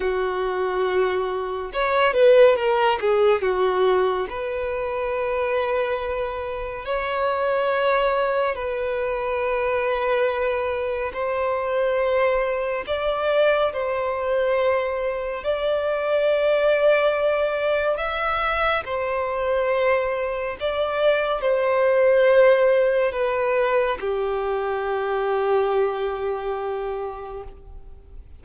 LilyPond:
\new Staff \with { instrumentName = "violin" } { \time 4/4 \tempo 4 = 70 fis'2 cis''8 b'8 ais'8 gis'8 | fis'4 b'2. | cis''2 b'2~ | b'4 c''2 d''4 |
c''2 d''2~ | d''4 e''4 c''2 | d''4 c''2 b'4 | g'1 | }